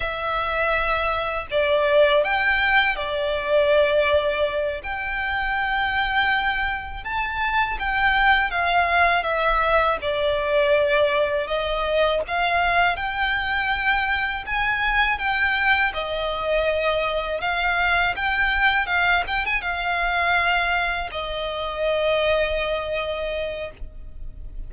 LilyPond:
\new Staff \with { instrumentName = "violin" } { \time 4/4 \tempo 4 = 81 e''2 d''4 g''4 | d''2~ d''8 g''4.~ | g''4. a''4 g''4 f''8~ | f''8 e''4 d''2 dis''8~ |
dis''8 f''4 g''2 gis''8~ | gis''8 g''4 dis''2 f''8~ | f''8 g''4 f''8 g''16 gis''16 f''4.~ | f''8 dis''2.~ dis''8 | }